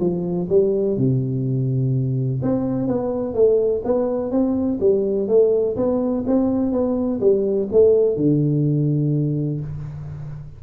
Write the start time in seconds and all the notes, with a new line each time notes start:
0.00 F3
0.50 G3
0.97 C3
2.42 C4
2.88 B3
3.34 A3
3.84 B3
4.31 C4
4.80 G3
5.28 A3
5.76 B3
6.27 C4
6.72 B3
7.20 G3
7.72 A3
8.17 D3